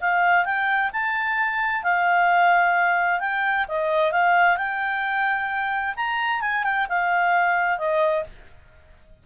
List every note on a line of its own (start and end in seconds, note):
0.00 0.44 F5
0.44 0.90 G5
0.92 1.83 A5
1.83 3.20 F5
3.20 3.65 G5
3.68 4.12 D#5
4.12 4.57 F5
4.57 5.94 G5
5.96 6.41 A#5
6.41 6.63 G#5
6.63 6.86 G5
6.89 7.78 F5
7.78 8.23 D#5